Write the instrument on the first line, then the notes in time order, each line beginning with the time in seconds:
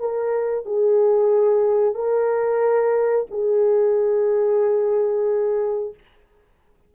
horn
0.00 A#4
0.66 G#4
1.95 A#4
3.31 G#4